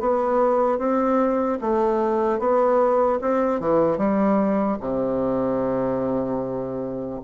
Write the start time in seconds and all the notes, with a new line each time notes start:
0.00 B3
0.78 C4
1.61 A3
2.39 B3
3.21 C4
3.60 E3
3.97 G3
4.80 C3